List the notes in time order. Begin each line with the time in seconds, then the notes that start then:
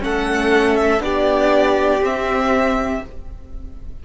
0.00 A3 C#4 A4 F#5
0.76 E5
1.00 B3 D4 G4 D5
2.01 C4 E5